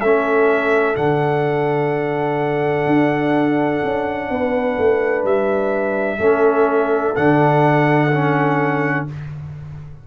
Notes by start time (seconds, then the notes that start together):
0.00 A3 C#4 A4 E5
0.94 D3 D4 F#5
2.86 D4
3.84 C#4
4.29 B3 B4
4.78 A3
5.23 G3 E5
6.18 A3 C#4 A4
7.15 D3 D4 F#5
8.12 C#4